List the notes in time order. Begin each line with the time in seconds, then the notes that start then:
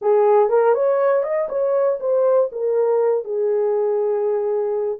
0.01 G#4
0.49 A#4
0.74 C#5
1.23 D#5
1.48 C#5
2.00 C5
2.52 A#4
3.24 G#4